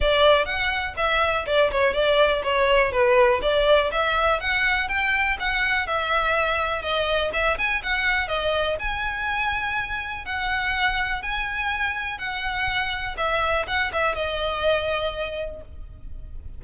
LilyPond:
\new Staff \with { instrumentName = "violin" } { \time 4/4 \tempo 4 = 123 d''4 fis''4 e''4 d''8 cis''8 | d''4 cis''4 b'4 d''4 | e''4 fis''4 g''4 fis''4 | e''2 dis''4 e''8 gis''8 |
fis''4 dis''4 gis''2~ | gis''4 fis''2 gis''4~ | gis''4 fis''2 e''4 | fis''8 e''8 dis''2. | }